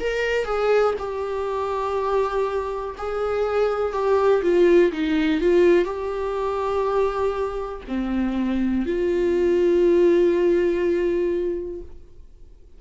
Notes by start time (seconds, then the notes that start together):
0.00 A#4
0.45 G#4
0.99 G4
2.97 G#4
3.93 G4
4.42 F4
4.92 D#4
5.41 F4
5.85 G4
7.88 C4
8.86 F4